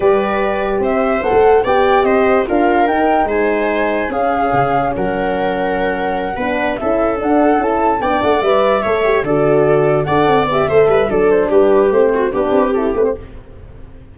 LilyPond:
<<
  \new Staff \with { instrumentName = "flute" } { \time 4/4 \tempo 4 = 146 d''2 e''4 fis''4 | g''4 dis''4 f''4 g''4 | gis''2 f''2 | fis''1~ |
fis''8 e''4 fis''4 a''4 g''8 | fis''8 e''2 d''4.~ | d''8 fis''4 e''4. d''8 c''8 | b'4 c''4 b'4 a'8 b'16 c''16 | }
  \new Staff \with { instrumentName = "viola" } { \time 4/4 b'2 c''2 | d''4 c''4 ais'2 | c''2 gis'2 | ais'2.~ ais'8 b'8~ |
b'8 a'2. d''8~ | d''4. cis''4 a'4.~ | a'8 d''4. c''8 b'8 a'4 | g'4. fis'8 g'2 | }
  \new Staff \with { instrumentName = "horn" } { \time 4/4 g'2. a'4 | g'2 f'4 dis'4~ | dis'2 cis'2~ | cis'2.~ cis'8 d'8~ |
d'8 e'4 d'4 e'4 d'8~ | d'8 b'4 a'8 g'8 fis'4.~ | fis'8 a'4 g'8 a'4 d'4~ | d'4 c'4 d'4 e'8 c'8 | }
  \new Staff \with { instrumentName = "tuba" } { \time 4/4 g2 c'4 b16 a8. | b4 c'4 d'4 dis'4 | gis2 cis'4 cis4 | fis2.~ fis8 b8~ |
b8 cis'4 d'4 cis'4 b8 | a8 g4 a4 d4.~ | d8 d'8 c'8 b8 a8 g8 fis4 | g4 a4 b8 c'4 a8 | }
>>